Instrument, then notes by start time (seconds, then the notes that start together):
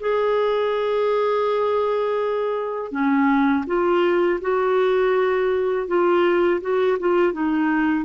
clarinet
0.00 G#4
2.92 C#4
3.67 F4
4.41 F#4
5.88 F4
6.62 F#4
7.00 F4
7.33 D#4